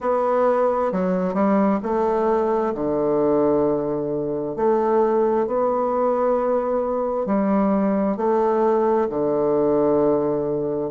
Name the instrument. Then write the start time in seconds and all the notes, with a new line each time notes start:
bassoon
0.00 B3
0.91 F#3
1.34 G3
1.83 A3
2.74 D3
4.55 A3
5.46 B3
7.26 G3
8.17 A3
9.09 D3